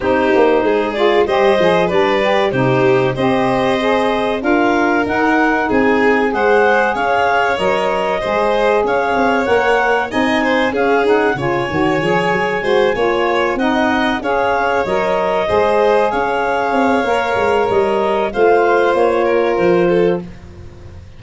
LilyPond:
<<
  \new Staff \with { instrumentName = "clarinet" } { \time 4/4 \tempo 4 = 95 c''4. d''8 dis''4 d''4 | c''4 dis''2 f''4 | fis''4 gis''4 fis''4 f''4 | dis''2 f''4 fis''4 |
gis''4 f''8 fis''8 gis''2~ | gis''4. fis''4 f''4 dis''8~ | dis''4. f''2~ f''8 | dis''4 f''4 cis''4 c''4 | }
  \new Staff \with { instrumentName = "violin" } { \time 4/4 g'4 gis'4 c''4 b'4 | g'4 c''2 ais'4~ | ais'4 gis'4 c''4 cis''4~ | cis''4 c''4 cis''2 |
dis''8 c''8 gis'4 cis''2 | c''8 cis''4 dis''4 cis''4.~ | cis''8 c''4 cis''2~ cis''8~ | cis''4 c''4. ais'4 a'8 | }
  \new Staff \with { instrumentName = "saxophone" } { \time 4/4 dis'4. f'8 g'8 gis'8 d'8 g'8 | dis'4 g'4 gis'4 f'4 | dis'2 gis'2 | ais'4 gis'2 ais'4 |
dis'4 cis'8 dis'8 f'8 fis'8 gis'4 | fis'8 f'4 dis'4 gis'4 ais'8~ | ais'8 gis'2~ gis'8 ais'4~ | ais'4 f'2. | }
  \new Staff \with { instrumentName = "tuba" } { \time 4/4 c'8 ais8 gis4 g8 f8 g4 | c4 c'2 d'4 | dis'4 c'4 gis4 cis'4 | fis4 gis4 cis'8 c'8 ais4 |
c'4 cis'4 cis8 dis8 f8 fis8 | gis8 ais4 c'4 cis'4 fis8~ | fis8 gis4 cis'4 c'8 ais8 gis8 | g4 a4 ais4 f4 | }
>>